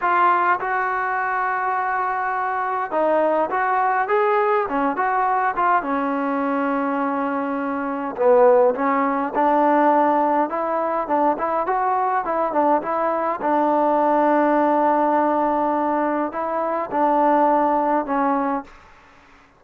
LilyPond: \new Staff \with { instrumentName = "trombone" } { \time 4/4 \tempo 4 = 103 f'4 fis'2.~ | fis'4 dis'4 fis'4 gis'4 | cis'8 fis'4 f'8 cis'2~ | cis'2 b4 cis'4 |
d'2 e'4 d'8 e'8 | fis'4 e'8 d'8 e'4 d'4~ | d'1 | e'4 d'2 cis'4 | }